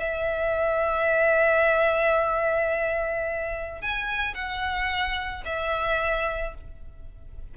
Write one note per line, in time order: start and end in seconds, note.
0.00 3.82 E5
3.82 4.35 G#5
4.35 5.44 F#5
5.45 6.55 E5